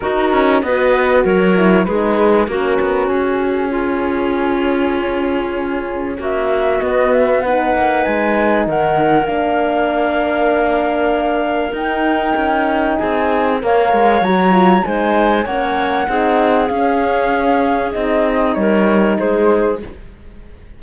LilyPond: <<
  \new Staff \with { instrumentName = "flute" } { \time 4/4 \tempo 4 = 97 ais'4 dis''4 cis''4 b'4 | ais'4 gis'2.~ | gis'2 e''4 dis''8 e''8 | fis''4 gis''4 fis''4 f''4~ |
f''2. g''4~ | g''4 gis''4 f''4 ais''4 | gis''4 fis''2 f''4~ | f''4 dis''4 cis''4 c''4 | }
  \new Staff \with { instrumentName = "clarinet" } { \time 4/4 fis'4 b'4 ais'4 gis'4 | fis'2 f'2~ | f'2 fis'2 | b'2 ais'2~ |
ais'1~ | ais'4 gis'4 cis''2 | c''4 cis''4 gis'2~ | gis'2 ais'4 gis'4 | }
  \new Staff \with { instrumentName = "horn" } { \time 4/4 dis'4 fis'4. e'8 dis'4 | cis'1~ | cis'2. b4 | dis'2. d'4~ |
d'2. dis'4~ | dis'2 ais'4 fis'8 f'8 | dis'4 cis'4 dis'4 cis'4~ | cis'4 dis'2. | }
  \new Staff \with { instrumentName = "cello" } { \time 4/4 dis'8 cis'8 b4 fis4 gis4 | ais8 b8 cis'2.~ | cis'2 ais4 b4~ | b8 ais8 gis4 dis4 ais4~ |
ais2. dis'4 | cis'4 c'4 ais8 gis8 fis4 | gis4 ais4 c'4 cis'4~ | cis'4 c'4 g4 gis4 | }
>>